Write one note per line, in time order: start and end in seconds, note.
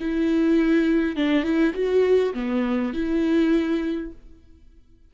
0.00 1.16 E4
1.16 1.44 D4
1.44 1.73 E4
1.74 2.34 F#4
2.34 2.94 B3
2.94 4.13 E4